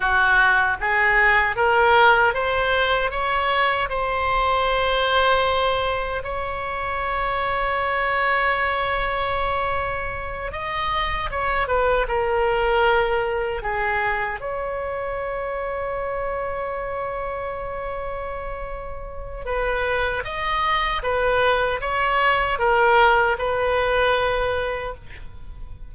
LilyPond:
\new Staff \with { instrumentName = "oboe" } { \time 4/4 \tempo 4 = 77 fis'4 gis'4 ais'4 c''4 | cis''4 c''2. | cis''1~ | cis''4. dis''4 cis''8 b'8 ais'8~ |
ais'4. gis'4 cis''4.~ | cis''1~ | cis''4 b'4 dis''4 b'4 | cis''4 ais'4 b'2 | }